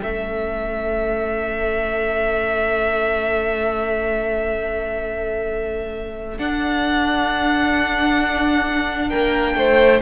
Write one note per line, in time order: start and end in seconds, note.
0.00 6.38 A3
0.00 6.37 C#4
0.00 9.09 A4
0.00 6.38 E5
6.38 10.02 D4
6.38 9.11 D4
6.38 9.10 F#5
9.09 9.55 A#3
9.09 9.55 A#4
9.09 10.01 G5
9.55 10.00 A3
9.55 10.02 C5